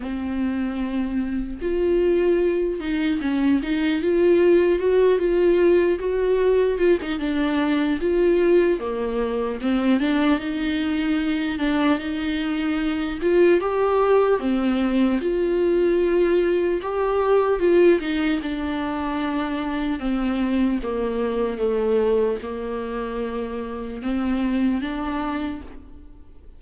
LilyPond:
\new Staff \with { instrumentName = "viola" } { \time 4/4 \tempo 4 = 75 c'2 f'4. dis'8 | cis'8 dis'8 f'4 fis'8 f'4 fis'8~ | fis'8 f'16 dis'16 d'4 f'4 ais4 | c'8 d'8 dis'4. d'8 dis'4~ |
dis'8 f'8 g'4 c'4 f'4~ | f'4 g'4 f'8 dis'8 d'4~ | d'4 c'4 ais4 a4 | ais2 c'4 d'4 | }